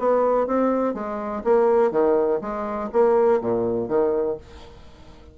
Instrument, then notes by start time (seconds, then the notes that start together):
bassoon
0.00 B3
0.47 C4
0.95 G#3
1.44 A#3
1.92 D#3
2.42 G#3
2.93 A#3
3.41 A#2
3.89 D#3